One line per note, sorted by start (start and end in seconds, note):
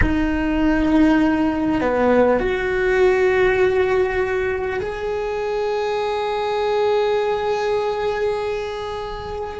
0.01 1.80 D#4
1.80 2.39 B3
2.39 4.79 F#4
4.80 9.59 G#4